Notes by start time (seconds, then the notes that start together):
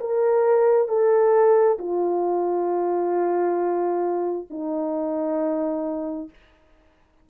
0.00 A#4
0.88 A4
1.79 F4
4.50 D#4